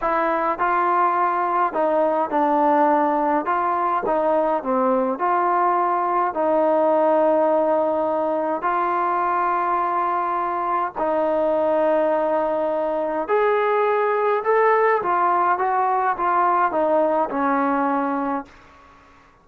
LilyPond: \new Staff \with { instrumentName = "trombone" } { \time 4/4 \tempo 4 = 104 e'4 f'2 dis'4 | d'2 f'4 dis'4 | c'4 f'2 dis'4~ | dis'2. f'4~ |
f'2. dis'4~ | dis'2. gis'4~ | gis'4 a'4 f'4 fis'4 | f'4 dis'4 cis'2 | }